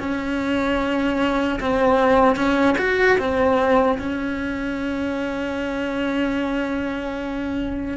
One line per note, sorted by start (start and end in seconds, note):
0.00 1.60 C#4
1.60 2.37 C4
2.37 2.77 C#4
2.79 3.19 F#4
3.19 3.99 C4
3.99 7.98 C#4